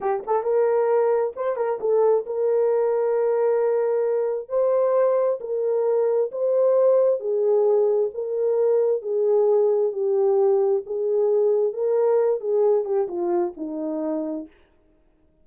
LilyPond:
\new Staff \with { instrumentName = "horn" } { \time 4/4 \tempo 4 = 133 g'8 a'8 ais'2 c''8 ais'8 | a'4 ais'2.~ | ais'2 c''2 | ais'2 c''2 |
gis'2 ais'2 | gis'2 g'2 | gis'2 ais'4. gis'8~ | gis'8 g'8 f'4 dis'2 | }